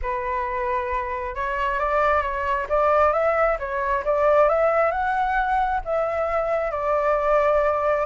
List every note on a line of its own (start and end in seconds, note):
0.02 1.35 B4
1.35 1.79 C#5
1.79 2.22 D5
2.22 2.66 C#5
2.69 3.12 D5
3.12 3.57 E5
3.59 4.04 C#5
4.04 4.48 D5
4.48 4.91 E5
4.91 5.80 F#5
5.84 6.71 E5
6.71 8.05 D5